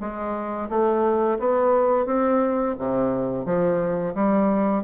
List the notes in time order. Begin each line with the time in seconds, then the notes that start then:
0.00 G#3
0.69 A3
1.39 B3
2.06 C4
2.79 C3
3.45 F3
4.14 G3